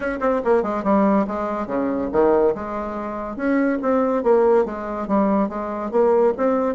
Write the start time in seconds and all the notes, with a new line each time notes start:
0.00 C#4
0.20 C4
0.44 A#3
0.62 G#3
0.83 G3
1.27 G#3
1.67 C#3
2.12 D#3
2.54 G#3
3.36 C#4
3.81 C4
4.23 A#3
4.65 G#3
5.07 G3
5.49 G#3
5.91 A#3
6.37 C4